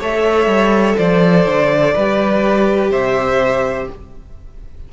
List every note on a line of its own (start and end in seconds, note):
0.00 0.46 A3
0.00 1.95 A4
0.00 0.97 C#5
0.00 0.98 E5
0.46 0.95 G3
0.97 1.46 F3
0.97 1.94 C5
0.97 2.92 D5
1.46 1.94 D3
1.95 2.91 G3
1.95 3.93 G4
1.95 2.91 B4
2.91 3.87 C3
2.91 3.88 C5
2.91 3.89 E5